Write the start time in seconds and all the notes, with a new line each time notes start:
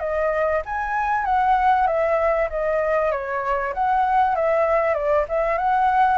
0.00 D#5
0.66 G#5
1.25 F#5
1.87 E5
2.50 D#5
3.12 C#5
3.74 F#5
4.36 E5
4.94 D5
5.29 E5
5.58 F#5